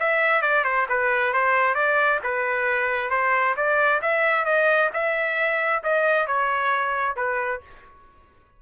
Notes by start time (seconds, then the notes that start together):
0.00 E5
0.42 D5
0.64 C5
0.89 B4
1.34 C5
1.75 D5
2.23 B4
3.10 C5
3.57 D5
4.02 E5
4.45 D#5
4.94 E5
5.84 D#5
6.27 C#5
7.16 B4